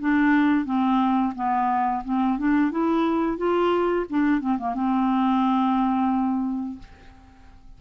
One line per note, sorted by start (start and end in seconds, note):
0.00 0.65 D4
0.65 1.33 C4
1.35 2.03 B3
2.04 2.38 C4
2.38 2.71 D4
2.71 3.37 E4
3.37 4.05 F4
4.09 4.40 D4
4.40 4.57 C4
4.58 4.74 A#3
4.74 6.78 C4